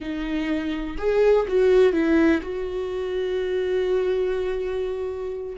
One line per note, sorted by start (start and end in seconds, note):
0.00 0.97 D#4
0.98 1.46 G#4
1.48 1.92 F#4
1.92 2.41 E4
2.41 5.56 F#4